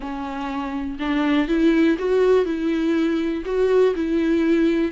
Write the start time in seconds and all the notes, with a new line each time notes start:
0.00 C#4
0.99 D4
1.48 E4
1.98 F#4
2.45 E4
3.45 F#4
3.95 E4